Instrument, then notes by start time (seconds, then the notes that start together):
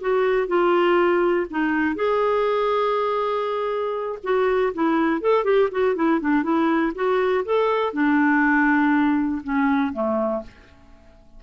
clarinet
0.00 F#4
0.47 F4
1.50 D#4
1.95 G#4
4.23 F#4
4.74 E4
5.21 A4
5.44 G4
5.71 F#4
5.95 E4
6.20 D4
6.43 E4
6.95 F#4
7.44 A4
7.93 D4
9.43 C#4
9.92 A3